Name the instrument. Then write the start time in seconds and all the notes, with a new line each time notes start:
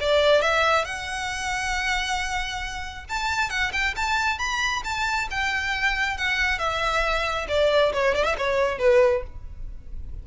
violin
0.00 D5
0.41 E5
0.84 F#5
3.09 A5
3.49 F#5
3.72 G5
3.96 A5
4.38 B5
4.84 A5
5.30 G5
6.17 F#5
6.58 E5
7.48 D5
7.93 C#5
8.15 D5
8.24 E5
8.38 C#5
8.79 B4